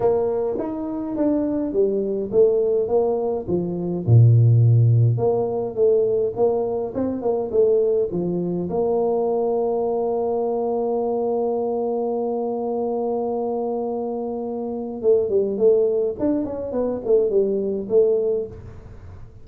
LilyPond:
\new Staff \with { instrumentName = "tuba" } { \time 4/4 \tempo 4 = 104 ais4 dis'4 d'4 g4 | a4 ais4 f4 ais,4~ | ais,4 ais4 a4 ais4 | c'8 ais8 a4 f4 ais4~ |
ais1~ | ais1~ | ais2 a8 g8 a4 | d'8 cis'8 b8 a8 g4 a4 | }